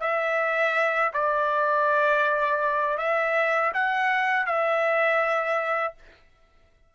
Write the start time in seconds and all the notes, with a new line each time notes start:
0.00 E5
1.13 D5
2.98 E5
3.73 F#5
4.46 E5